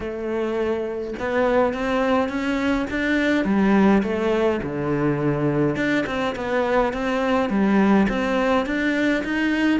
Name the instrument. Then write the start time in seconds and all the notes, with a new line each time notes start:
cello
0.00 A3
1.19 B3
1.73 C4
2.28 C#4
2.90 D4
3.44 G3
4.02 A3
4.62 D3
5.76 D4
6.06 C4
6.35 B3
6.93 C4
7.49 G3
8.08 C4
8.65 D4
9.24 D#4